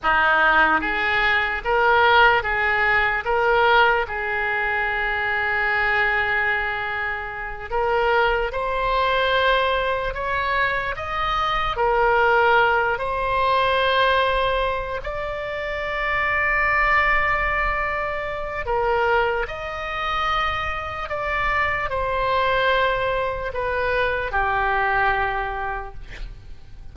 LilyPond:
\new Staff \with { instrumentName = "oboe" } { \time 4/4 \tempo 4 = 74 dis'4 gis'4 ais'4 gis'4 | ais'4 gis'2.~ | gis'4. ais'4 c''4.~ | c''8 cis''4 dis''4 ais'4. |
c''2~ c''8 d''4.~ | d''2. ais'4 | dis''2 d''4 c''4~ | c''4 b'4 g'2 | }